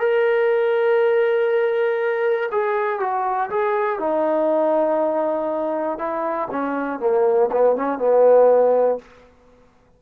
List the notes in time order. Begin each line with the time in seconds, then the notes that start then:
0.00 A#4
2.51 G#4
3.00 F#4
3.50 G#4
3.99 D#4
5.98 E4
6.51 C#4
7.00 A#3
7.52 B3
7.76 C#4
7.98 B3